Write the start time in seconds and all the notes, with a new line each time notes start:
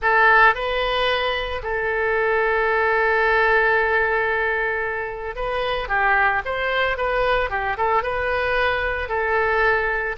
0.01 A4
0.55 B4
1.62 A4
5.35 B4
5.88 G4
6.45 C5
6.97 B4
7.50 G4
7.77 A4
8.02 B4
9.09 A4